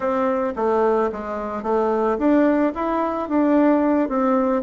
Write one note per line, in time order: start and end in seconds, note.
0.00 0.53 C4
0.56 1.10 A3
1.12 1.62 G#3
1.62 2.17 A3
2.18 2.72 D4
2.74 3.29 E4
3.29 4.08 D4
4.08 4.62 C4